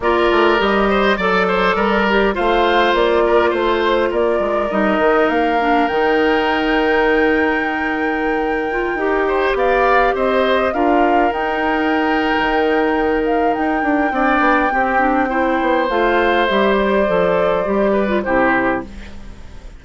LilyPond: <<
  \new Staff \with { instrumentName = "flute" } { \time 4/4 \tempo 4 = 102 d''4 dis''4 d''2 | f''4 d''4 c''4 d''4 | dis''4 f''4 g''2~ | g''1~ |
g''16 f''4 dis''4 f''4 g''8.~ | g''2~ g''8 f''8 g''4~ | g''2. f''4 | e''8 d''2~ d''8 c''4 | }
  \new Staff \with { instrumentName = "oboe" } { \time 4/4 ais'4. c''8 d''8 c''8 ais'4 | c''4. ais'8 c''4 ais'4~ | ais'1~ | ais'2.~ ais'8. c''16~ |
c''16 d''4 c''4 ais'4.~ ais'16~ | ais'1 | d''4 g'4 c''2~ | c''2~ c''8 b'8 g'4 | }
  \new Staff \with { instrumentName = "clarinet" } { \time 4/4 f'4 g'4 a'4. g'8 | f'1 | dis'4. d'8 dis'2~ | dis'2~ dis'8. f'8 g'8.~ |
g'2~ g'16 f'4 dis'8.~ | dis'1 | d'4 c'8 d'8 e'4 f'4 | g'4 a'4 g'8. f'16 e'4 | }
  \new Staff \with { instrumentName = "bassoon" } { \time 4/4 ais8 a8 g4 fis4 g4 | a4 ais4 a4 ais8 gis8 | g8 dis8 ais4 dis2~ | dis2.~ dis16 dis'8.~ |
dis'16 b4 c'4 d'4 dis'8.~ | dis'4 dis2 dis'8 d'8 | c'8 b8 c'4. b8 a4 | g4 f4 g4 c4 | }
>>